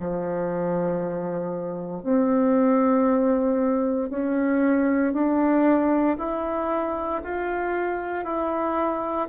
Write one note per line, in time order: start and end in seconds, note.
0.00 2.04 F3
2.04 4.10 C4
4.10 5.13 C#4
5.13 6.17 D4
6.18 7.22 E4
7.24 8.25 F4
8.25 9.28 E4